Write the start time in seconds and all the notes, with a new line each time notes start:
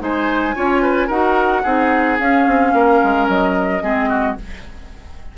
0.00 G#3 D#4 C5 G#5
0.55 C#4 F4 C#5
0.82 B4
1.08 D#4 F#4 A#4 F#5
1.63 C4 D#4 G#4
2.20 C#4 F5
2.47 C4
2.74 A#3 A#4
3.04 G#3
3.29 F#3 D#5
3.82 G#3 C4 G#4
4.09 F#4